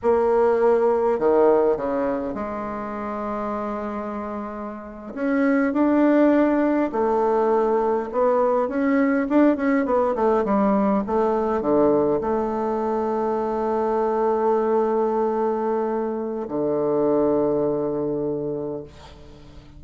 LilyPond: \new Staff \with { instrumentName = "bassoon" } { \time 4/4 \tempo 4 = 102 ais2 dis4 cis4 | gis1~ | gis8. cis'4 d'2 a16~ | a4.~ a16 b4 cis'4 d'16~ |
d'16 cis'8 b8 a8 g4 a4 d16~ | d8. a2.~ a16~ | a1 | d1 | }